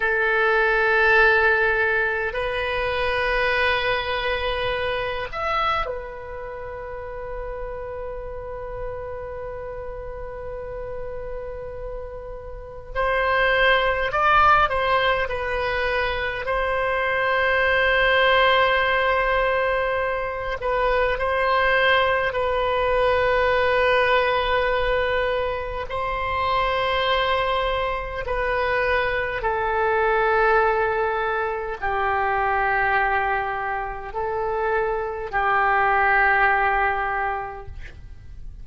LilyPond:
\new Staff \with { instrumentName = "oboe" } { \time 4/4 \tempo 4 = 51 a'2 b'2~ | b'8 e''8 b'2.~ | b'2. c''4 | d''8 c''8 b'4 c''2~ |
c''4. b'8 c''4 b'4~ | b'2 c''2 | b'4 a'2 g'4~ | g'4 a'4 g'2 | }